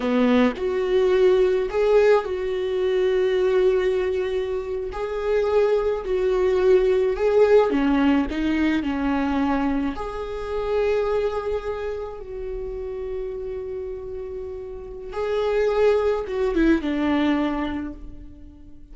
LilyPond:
\new Staff \with { instrumentName = "viola" } { \time 4/4 \tempo 4 = 107 b4 fis'2 gis'4 | fis'1~ | fis'8. gis'2 fis'4~ fis'16~ | fis'8. gis'4 cis'4 dis'4 cis'16~ |
cis'4.~ cis'16 gis'2~ gis'16~ | gis'4.~ gis'16 fis'2~ fis'16~ | fis'2. gis'4~ | gis'4 fis'8 e'8 d'2 | }